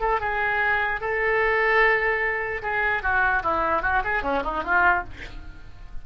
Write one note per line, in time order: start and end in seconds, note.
0.00 0.20 A4
0.20 1.00 G#4
1.00 2.61 A4
2.62 3.02 G#4
3.02 3.42 F#4
3.42 3.82 E4
3.82 4.02 F#4
4.04 4.22 G#4
4.22 4.42 C#4
4.43 4.63 D#4
4.63 5.04 F4